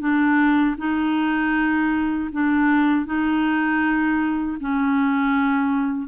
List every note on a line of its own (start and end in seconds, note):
0.00 0.76 D4
0.78 2.30 D#4
2.32 3.06 D4
3.06 4.58 D#4
4.61 6.08 C#4